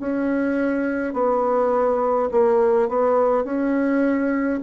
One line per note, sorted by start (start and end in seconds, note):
0.00 1.14 C#4
1.14 2.29 B3
2.32 2.89 A#3
2.89 3.45 B3
3.45 4.60 C#4